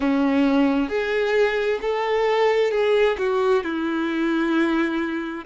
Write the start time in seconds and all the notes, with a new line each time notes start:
0.00 C#4
0.88 G#4
1.81 A4
2.71 G#4
3.18 F#4
3.63 E4